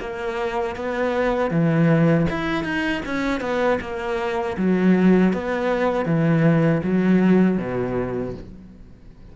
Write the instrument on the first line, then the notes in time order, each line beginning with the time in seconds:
cello
0.00 A#3
0.76 B3
1.51 E3
2.30 E4
2.64 D#4
3.06 C#4
3.41 B3
3.81 A#3
4.57 F#3
5.33 B3
6.06 E3
6.84 F#3
7.58 B2